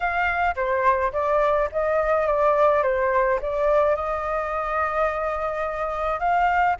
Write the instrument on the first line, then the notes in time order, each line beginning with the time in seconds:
flute
0.00 F5
0.55 C5
1.12 D5
1.72 D#5
2.26 D5
2.83 C5
3.41 D5
3.95 D#5
6.19 F5